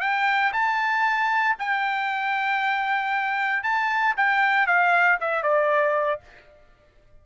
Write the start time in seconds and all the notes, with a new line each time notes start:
0.00 G5
0.52 A5
1.59 G5
3.63 A5
4.17 G5
4.66 F5
5.20 E5
5.43 D5